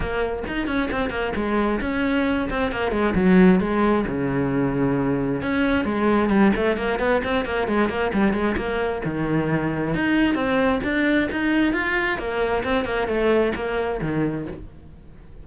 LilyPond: \new Staff \with { instrumentName = "cello" } { \time 4/4 \tempo 4 = 133 ais4 dis'8 cis'8 c'8 ais8 gis4 | cis'4. c'8 ais8 gis8 fis4 | gis4 cis2. | cis'4 gis4 g8 a8 ais8 b8 |
c'8 ais8 gis8 ais8 g8 gis8 ais4 | dis2 dis'4 c'4 | d'4 dis'4 f'4 ais4 | c'8 ais8 a4 ais4 dis4 | }